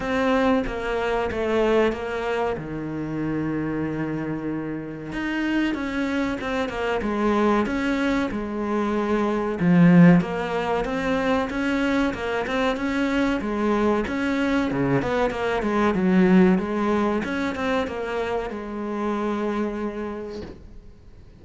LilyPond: \new Staff \with { instrumentName = "cello" } { \time 4/4 \tempo 4 = 94 c'4 ais4 a4 ais4 | dis1 | dis'4 cis'4 c'8 ais8 gis4 | cis'4 gis2 f4 |
ais4 c'4 cis'4 ais8 c'8 | cis'4 gis4 cis'4 cis8 b8 | ais8 gis8 fis4 gis4 cis'8 c'8 | ais4 gis2. | }